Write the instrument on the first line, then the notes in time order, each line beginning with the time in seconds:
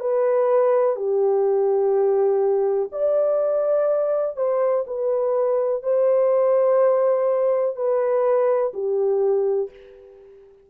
horn
0.00 B4
0.96 G4
2.92 D5
4.36 C5
4.87 B4
5.83 C5
7.76 B4
8.73 G4